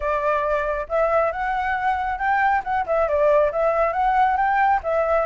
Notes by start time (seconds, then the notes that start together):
0.00 D5
0.88 E5
1.32 F#5
2.18 G5
2.63 F#5
2.86 E5
3.08 D5
3.52 E5
3.92 F#5
4.36 G5
4.83 E5